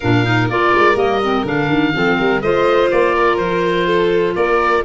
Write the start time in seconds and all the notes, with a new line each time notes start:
0.00 A#2 D4 A#4 F5
0.24 D#4
0.49 A#3 F4 D5
0.74 G#3
0.95 G3 A#3 D#5
1.23 C4
1.44 D3 D4 F5
1.68 D#3
1.93 F3 C4 A4
2.18 G3 A#4
2.41 A3 F4 C5 D#5
2.91 A#3 D5
3.14 A#4
3.37 F3 C5
3.86 A4
4.35 A#3 A#4 D5